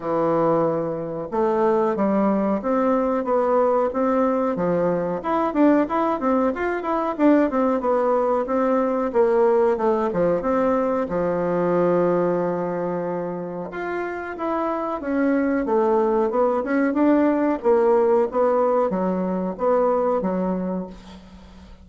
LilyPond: \new Staff \with { instrumentName = "bassoon" } { \time 4/4 \tempo 4 = 92 e2 a4 g4 | c'4 b4 c'4 f4 | e'8 d'8 e'8 c'8 f'8 e'8 d'8 c'8 | b4 c'4 ais4 a8 f8 |
c'4 f2.~ | f4 f'4 e'4 cis'4 | a4 b8 cis'8 d'4 ais4 | b4 fis4 b4 fis4 | }